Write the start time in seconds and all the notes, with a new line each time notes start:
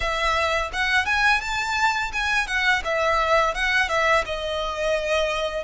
0.00 E5
0.72 F#5
1.05 G#5
1.41 A5
2.12 G#5
2.47 F#5
2.84 E5
3.54 F#5
3.89 E5
4.25 D#5